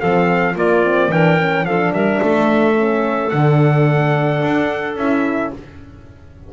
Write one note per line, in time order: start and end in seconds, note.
0.00 0.56 F3
0.00 0.55 C4
0.00 0.55 A4
0.00 0.55 F5
0.56 1.09 A#3
0.56 0.84 A#3
0.56 1.10 F4
0.56 1.12 D5
0.84 1.11 C4
1.09 1.64 E3
1.09 1.39 D4
1.09 1.65 A#4
1.09 1.65 G5
1.39 1.66 C#4
1.64 1.91 F3
1.64 2.76 D4
1.64 1.94 A4
1.64 1.93 F5
1.92 2.20 G3
1.92 2.22 A#4
1.92 3.30 E5
2.22 3.32 A3
2.22 5.53 A4
2.76 3.31 C#4
3.30 4.43 D3
3.30 4.97 D4
3.30 4.95 F#5
4.43 4.96 D4
4.96 5.51 C#4
4.96 5.53 E4
4.96 5.53 E5